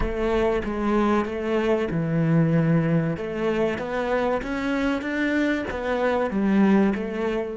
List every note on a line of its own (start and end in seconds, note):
0.00 0.62 A3
0.64 1.25 G#3
1.25 1.88 A3
1.90 3.16 E3
3.16 3.78 A3
3.78 4.41 B3
4.42 5.01 C#4
5.01 5.64 D4
5.70 6.30 B3
6.30 6.93 G3
6.95 7.57 A3